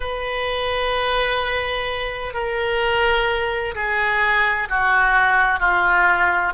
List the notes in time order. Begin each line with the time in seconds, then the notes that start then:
0.00 B4
2.33 A#4
3.74 G#4
4.69 F#4
5.59 F4